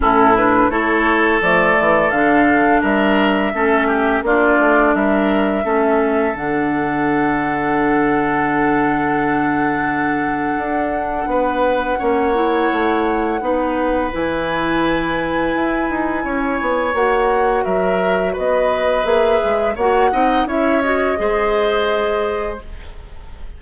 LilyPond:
<<
  \new Staff \with { instrumentName = "flute" } { \time 4/4 \tempo 4 = 85 a'8 b'8 cis''4 d''4 f''4 | e''2 d''4 e''4~ | e''4 fis''2.~ | fis''1~ |
fis''1 | gis''1 | fis''4 e''4 dis''4 e''4 | fis''4 e''8 dis''2~ dis''8 | }
  \new Staff \with { instrumentName = "oboe" } { \time 4/4 e'4 a'2. | ais'4 a'8 g'8 f'4 ais'4 | a'1~ | a'1 |
b'4 cis''2 b'4~ | b'2. cis''4~ | cis''4 ais'4 b'2 | cis''8 dis''8 cis''4 c''2 | }
  \new Staff \with { instrumentName = "clarinet" } { \time 4/4 cis'8 d'8 e'4 a4 d'4~ | d'4 cis'4 d'2 | cis'4 d'2.~ | d'1~ |
d'4 cis'8 e'4. dis'4 | e'1 | fis'2. gis'4 | fis'8 dis'8 e'8 fis'8 gis'2 | }
  \new Staff \with { instrumentName = "bassoon" } { \time 4/4 a,4 a4 f8 e8 d4 | g4 a4 ais8 a8 g4 | a4 d2.~ | d2. d'4 |
b4 ais4 a4 b4 | e2 e'8 dis'8 cis'8 b8 | ais4 fis4 b4 ais8 gis8 | ais8 c'8 cis'4 gis2 | }
>>